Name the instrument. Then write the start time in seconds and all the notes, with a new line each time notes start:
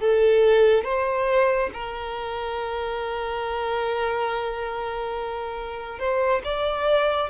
violin
0.00 A4
0.84 C5
1.73 A#4
5.99 C5
6.44 D5